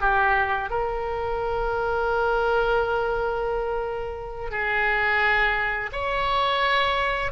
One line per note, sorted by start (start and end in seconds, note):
0.00 0.70 G4
0.70 4.51 A#4
4.51 5.90 G#4
5.92 7.32 C#5